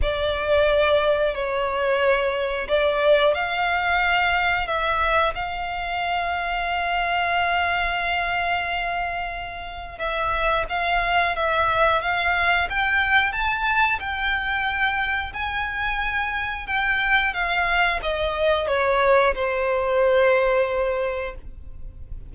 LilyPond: \new Staff \with { instrumentName = "violin" } { \time 4/4 \tempo 4 = 90 d''2 cis''2 | d''4 f''2 e''4 | f''1~ | f''2. e''4 |
f''4 e''4 f''4 g''4 | a''4 g''2 gis''4~ | gis''4 g''4 f''4 dis''4 | cis''4 c''2. | }